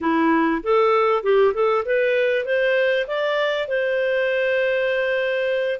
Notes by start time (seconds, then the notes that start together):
0.01 E4
0.63 A4
1.23 G4
1.53 A4
1.85 B4
2.45 C5
3.07 D5
3.68 C5